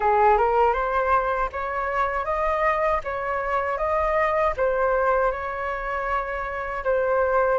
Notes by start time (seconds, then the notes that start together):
0.00 G#4
0.37 A#4
0.73 C5
1.52 C#5
2.24 D#5
3.04 C#5
3.77 D#5
4.56 C5
5.31 C#5
6.84 C5